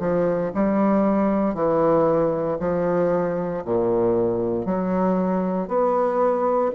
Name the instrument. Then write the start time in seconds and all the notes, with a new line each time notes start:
bassoon
0.00 F3
0.55 G3
1.55 E3
2.60 F3
3.65 A#2
4.66 F#3
5.68 B3